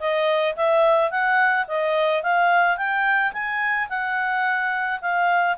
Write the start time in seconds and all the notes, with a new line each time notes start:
0.00 D#5
0.56 E5
1.11 F#5
1.68 D#5
2.23 F5
2.77 G5
3.33 G#5
3.89 F#5
5.02 F5